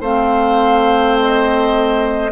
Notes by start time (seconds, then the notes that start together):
0.00 A3 C4 C5 F5
1.19 D#5